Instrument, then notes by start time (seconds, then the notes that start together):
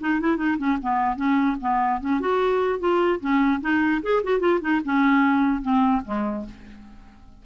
clarinet
0.00 D#4
0.20 E4
0.37 D#4
0.57 C#4
0.81 B3
1.16 C#4
1.60 B3
2.00 C#4
2.20 F#4
2.79 F4
3.20 C#4
3.61 D#4
4.02 G#4
4.23 F#4
4.39 F4
4.61 D#4
4.84 C#4
5.62 C4
6.05 G#3